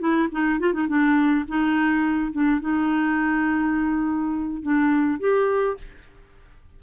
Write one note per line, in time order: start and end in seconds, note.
0.00 0.29 E4
0.32 0.60 D#4
0.60 0.73 F4
0.73 0.88 D#4
0.88 1.46 D4
1.48 2.32 D#4
2.32 2.61 D4
2.61 4.63 D#4
4.63 5.20 D4
5.20 5.77 G4